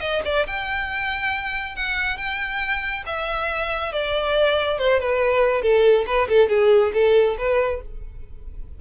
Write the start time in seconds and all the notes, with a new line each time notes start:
0.00 D#5
0.24 D5
0.46 G5
1.75 F#5
2.17 G5
3.06 E5
3.92 D5
4.78 C5
5.00 B4
5.62 A4
6.06 B4
6.28 A4
6.49 G#4
6.93 A4
7.38 B4